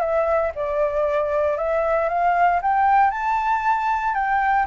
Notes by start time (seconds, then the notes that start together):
0.00 E5
0.55 D5
1.57 E5
2.09 F5
2.62 G5
3.11 A5
4.14 G5